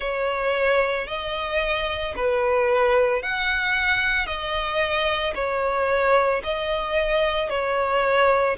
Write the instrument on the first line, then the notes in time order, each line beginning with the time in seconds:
violin
0.00 C#5
1.07 D#5
2.15 B4
3.22 F#5
4.26 D#5
5.34 C#5
6.43 D#5
7.49 C#5